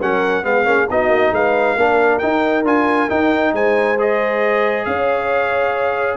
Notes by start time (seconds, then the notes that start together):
0.00 F#3 C#4 A#4 F#5
0.43 G#3 B3 G#4 F5
0.65 A#3 C#4
0.90 B3 D#4 F#4 D#5
1.08 A#3
1.31 G#3 B4 F5
1.77 A#3 D4 A#4
2.19 D#4 G5
2.63 D4 F4 G#5
3.09 D#4 G5
3.52 G#3 C5 G#5
3.98 G#4 D#5
4.85 C#4 C#5 F5